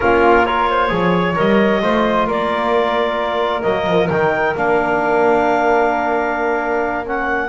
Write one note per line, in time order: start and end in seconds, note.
0.00 0.91 A#3
0.00 0.45 C#4
0.00 0.46 F4
0.00 0.45 A#4
0.45 0.88 F4
0.45 0.69 A#4
0.45 1.36 C#5
0.70 0.91 C5
0.88 1.36 F3
0.88 1.34 G#4
0.88 1.82 C#5
1.35 1.82 G3
1.35 1.80 A#4
1.35 2.28 D#5
1.81 2.27 A3
1.81 3.62 F4
1.81 2.26 C5
2.26 3.63 A#3
2.26 7.49 A#4
2.26 3.62 D5
3.62 3.86 F#3
3.62 4.08 A#3
3.62 4.08 D#5
3.86 4.09 F3
4.09 4.55 D#3
4.09 4.55 D#4
4.09 4.55 G5
4.55 7.49 A#3
4.55 7.05 D4
4.55 7.06 F5
7.05 7.49 C#4
7.05 7.49 F#5